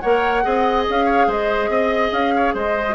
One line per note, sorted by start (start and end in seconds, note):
0.00 0.45 A#3
0.00 0.43 A#4
0.00 0.44 C#5
0.00 0.84 F#5
0.43 0.87 C4
0.43 2.84 G#4
0.43 1.06 D#5
0.89 1.27 C#4
0.89 1.31 F5
1.06 1.26 C#5
1.27 1.69 G#3
1.27 1.69 C5
1.27 2.13 D#5
1.69 2.10 C4
1.69 2.34 D#5
2.12 2.54 C#4
2.12 2.55 F5
2.36 2.54 C#5
2.54 2.95 G#3
2.54 2.95 C5
2.54 2.95 D#5
2.89 2.95 F#4